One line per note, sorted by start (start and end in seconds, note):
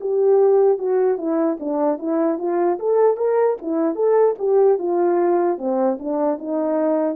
0.00 0.78 G4
0.78 1.17 F#4
1.17 1.57 E4
1.60 1.98 D4
1.98 2.38 E4
2.38 2.78 F4
2.79 3.16 A4
3.16 3.56 A#4
3.61 3.95 E4
3.95 4.35 A4
4.38 4.78 G4
4.78 5.58 F4
5.58 5.98 C4
5.99 6.38 D4
6.38 7.16 D#4